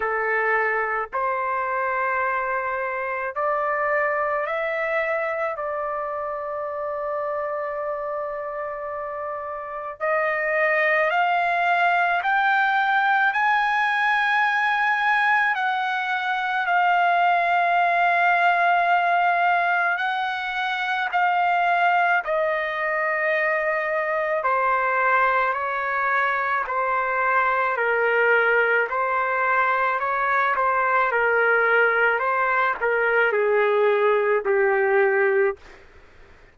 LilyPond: \new Staff \with { instrumentName = "trumpet" } { \time 4/4 \tempo 4 = 54 a'4 c''2 d''4 | e''4 d''2.~ | d''4 dis''4 f''4 g''4 | gis''2 fis''4 f''4~ |
f''2 fis''4 f''4 | dis''2 c''4 cis''4 | c''4 ais'4 c''4 cis''8 c''8 | ais'4 c''8 ais'8 gis'4 g'4 | }